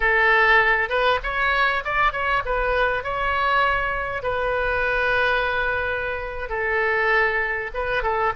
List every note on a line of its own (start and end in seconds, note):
0.00 0.89 A4
0.89 1.19 B4
1.23 1.83 C#5
1.84 2.12 D5
2.12 2.42 C#5
2.45 3.03 B4
3.03 4.22 C#5
4.22 6.49 B4
6.49 7.70 A4
7.74 8.02 B4
8.02 8.33 A4